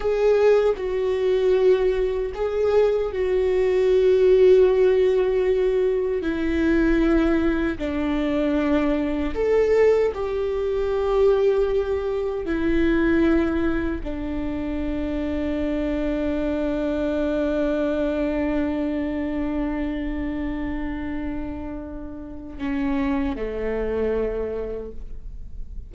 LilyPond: \new Staff \with { instrumentName = "viola" } { \time 4/4 \tempo 4 = 77 gis'4 fis'2 gis'4 | fis'1 | e'2 d'2 | a'4 g'2. |
e'2 d'2~ | d'1~ | d'1~ | d'4 cis'4 a2 | }